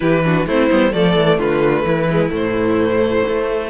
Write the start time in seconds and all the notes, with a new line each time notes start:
0.00 E3 E4 G4 B4
0.24 D4 F#4
0.45 A3 C4 E4 C5
0.71 G3 B3
0.90 F3 A3 A4 D5
1.16 E3
1.37 D3 F4 B4
1.84 E3 E4
2.10 G#3
2.29 A2 A3 C5
3.28 A3